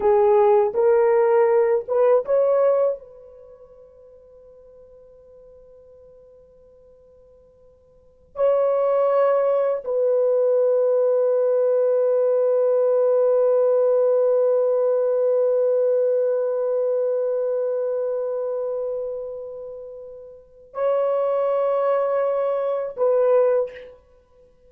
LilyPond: \new Staff \with { instrumentName = "horn" } { \time 4/4 \tempo 4 = 81 gis'4 ais'4. b'8 cis''4 | b'1~ | b'2.~ b'16 cis''8.~ | cis''4~ cis''16 b'2~ b'8.~ |
b'1~ | b'1~ | b'1 | cis''2. b'4 | }